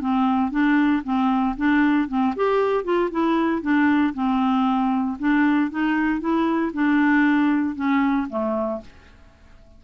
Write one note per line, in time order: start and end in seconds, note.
0.00 0.51 C4
0.51 1.03 D4
1.04 1.56 C4
1.57 2.08 D4
2.08 2.34 C4
2.36 2.84 G4
2.84 3.10 F4
3.11 3.62 E4
3.62 4.13 D4
4.14 5.17 C4
5.19 5.70 D4
5.70 6.20 D#4
6.20 6.72 E4
6.73 7.75 D4
7.75 8.27 C#4
8.29 8.81 A3